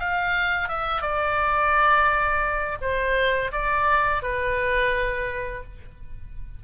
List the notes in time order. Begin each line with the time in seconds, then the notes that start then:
0.00 F5
0.69 E5
1.02 D5
2.82 C5
3.53 D5
4.23 B4